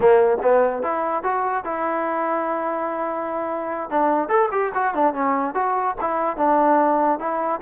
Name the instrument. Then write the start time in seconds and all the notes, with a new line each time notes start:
trombone
0.00 A#3
0.42 B3
0.82 E4
1.23 F#4
1.64 E4
3.90 D4
4.28 A4
4.51 G4
4.74 F#4
4.94 D4
5.13 C#4
5.54 F#4
6.00 E4
6.37 D4
7.19 E4